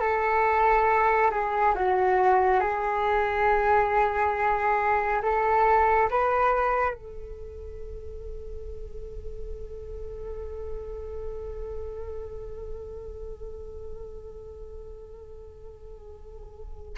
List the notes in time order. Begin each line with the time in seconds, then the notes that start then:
0.00 A4
1.30 G#4
1.75 F#4
2.60 G#4
5.22 A4
6.10 B4
6.94 A4